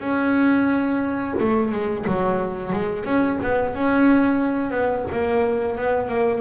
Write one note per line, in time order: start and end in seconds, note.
0.00 1.35 C#4
1.40 1.71 A3
1.71 2.05 G#3
2.07 2.73 F#3
2.73 3.05 G#3
3.05 3.38 C#4
3.43 3.75 B3
3.75 4.71 C#4
4.71 5.04 B3
5.12 5.78 A#3
5.78 6.08 B3
6.08 6.41 A#3